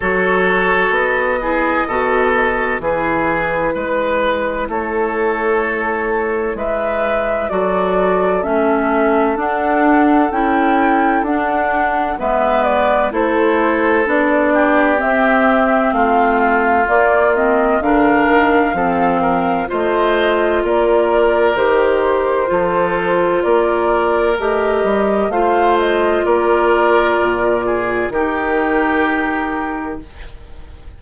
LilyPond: <<
  \new Staff \with { instrumentName = "flute" } { \time 4/4 \tempo 4 = 64 cis''4 dis''2 b'4~ | b'4 cis''2 e''4 | d''4 e''4 fis''4 g''4 | fis''4 e''8 d''8 c''4 d''4 |
e''4 f''4 d''8 dis''8 f''4~ | f''4 dis''4 d''4 c''4~ | c''4 d''4 dis''4 f''8 dis''8 | d''2 ais'2 | }
  \new Staff \with { instrumentName = "oboe" } { \time 4/4 a'4. gis'8 a'4 gis'4 | b'4 a'2 b'4 | a'1~ | a'4 b'4 a'4. g'8~ |
g'4 f'2 ais'4 | a'8 ais'8 c''4 ais'2 | a'4 ais'2 c''4 | ais'4. gis'8 g'2 | }
  \new Staff \with { instrumentName = "clarinet" } { \time 4/4 fis'4. e'8 fis'4 e'4~ | e'1 | fis'4 cis'4 d'4 e'4 | d'4 b4 e'4 d'4 |
c'2 ais8 c'8 d'4 | c'4 f'2 g'4 | f'2 g'4 f'4~ | f'2 dis'2 | }
  \new Staff \with { instrumentName = "bassoon" } { \time 4/4 fis4 b4 b,4 e4 | gis4 a2 gis4 | fis4 a4 d'4 cis'4 | d'4 gis4 a4 b4 |
c'4 a4 ais4 d8 dis8 | f4 a4 ais4 dis4 | f4 ais4 a8 g8 a4 | ais4 ais,4 dis2 | }
>>